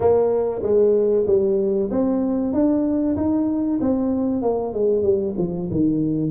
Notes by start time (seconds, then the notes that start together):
0.00 A#3
0.63 G#3
1.26 G3
1.90 C4
2.53 D4
3.16 D#4
3.80 C4
4.42 A#3
4.73 G#3
5.02 G3
5.38 F3
5.71 D#3